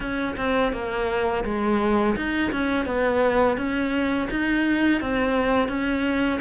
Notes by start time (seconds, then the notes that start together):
0.00 C#4
0.36 C4
0.72 A#3
1.44 G#3
2.16 D#4
2.52 C#4
2.85 B3
3.57 C#4
4.30 D#4
5.01 C4
5.68 C#4